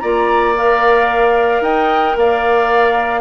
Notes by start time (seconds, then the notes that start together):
0.00 A#3 F4 D5 A#5
0.56 A#4 F5
1.61 D#4 D#5 G5
2.17 A#3 D5 F5